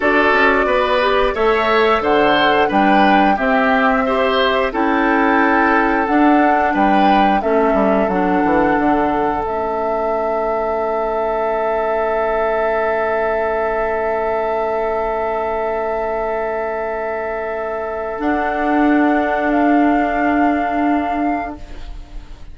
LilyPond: <<
  \new Staff \with { instrumentName = "flute" } { \time 4/4 \tempo 4 = 89 d''2 e''4 fis''4 | g''4 e''2 g''4~ | g''4 fis''4 g''4 e''4 | fis''2 e''2~ |
e''1~ | e''1~ | e''2. fis''4~ | fis''4 f''2. | }
  \new Staff \with { instrumentName = "oboe" } { \time 4/4 a'4 b'4 cis''4 c''4 | b'4 g'4 c''4 a'4~ | a'2 b'4 a'4~ | a'1~ |
a'1~ | a'1~ | a'1~ | a'1 | }
  \new Staff \with { instrumentName = "clarinet" } { \time 4/4 fis'4. g'8 a'2 | d'4 c'4 g'4 e'4~ | e'4 d'2 cis'4 | d'2 cis'2~ |
cis'1~ | cis'1~ | cis'2. d'4~ | d'1 | }
  \new Staff \with { instrumentName = "bassoon" } { \time 4/4 d'8 cis'8 b4 a4 d4 | g4 c'2 cis'4~ | cis'4 d'4 g4 a8 g8 | fis8 e8 d4 a2~ |
a1~ | a1~ | a2. d'4~ | d'1 | }
>>